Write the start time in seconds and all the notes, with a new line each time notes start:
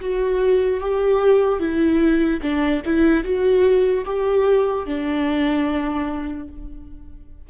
0.00 F#4
0.80 G4
1.59 E4
2.41 D4
2.85 E4
3.24 F#4
4.05 G4
4.86 D4